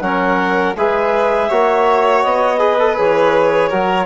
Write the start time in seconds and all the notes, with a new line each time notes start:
0.00 F#3 C#4 A#4 F#5
0.76 G#3 G#4 B4 E5
1.48 A#3 F#4 C#5
2.23 B3 D#5
2.58 G#4 B4
2.79 A4
2.98 E3 G#4 C#5
3.69 F#3 F#4 A#4